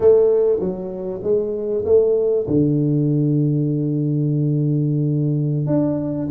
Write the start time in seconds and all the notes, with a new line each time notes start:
0.00 A3
0.60 F#3
1.23 G#3
1.85 A3
2.47 D3
5.66 D4